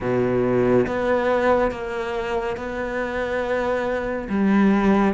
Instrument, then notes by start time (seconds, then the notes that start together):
cello
0.00 B2
0.86 B3
1.71 A#3
2.56 B3
4.29 G3